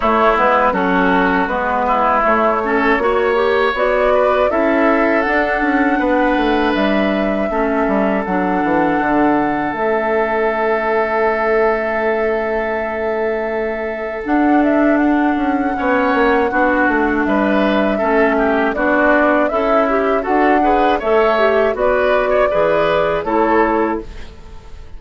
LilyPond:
<<
  \new Staff \with { instrumentName = "flute" } { \time 4/4 \tempo 4 = 80 cis''8 b'8 a'4 b'4 cis''4~ | cis''4 d''4 e''4 fis''4~ | fis''4 e''2 fis''4~ | fis''4 e''2.~ |
e''2. fis''8 e''8 | fis''2. e''4~ | e''4 d''4 e''4 fis''4 | e''4 d''2 cis''4 | }
  \new Staff \with { instrumentName = "oboe" } { \time 4/4 e'4 fis'4. e'4 a'8 | cis''4. b'8 a'2 | b'2 a'2~ | a'1~ |
a'1~ | a'4 cis''4 fis'4 b'4 | a'8 g'8 fis'4 e'4 a'8 b'8 | cis''4 b'8. cis''16 b'4 a'4 | }
  \new Staff \with { instrumentName = "clarinet" } { \time 4/4 a8 b8 cis'4 b4 a8 cis'8 | fis'8 g'8 fis'4 e'4 d'4~ | d'2 cis'4 d'4~ | d'4 cis'2.~ |
cis'2. d'4~ | d'4 cis'4 d'2 | cis'4 d'4 a'8 g'8 fis'8 gis'8 | a'8 g'8 fis'4 gis'4 e'4 | }
  \new Staff \with { instrumentName = "bassoon" } { \time 4/4 a8 gis8 fis4 gis4 a4 | ais4 b4 cis'4 d'8 cis'8 | b8 a8 g4 a8 g8 fis8 e8 | d4 a2.~ |
a2. d'4~ | d'8 cis'8 b8 ais8 b8 a8 g4 | a4 b4 cis'4 d'4 | a4 b4 e4 a4 | }
>>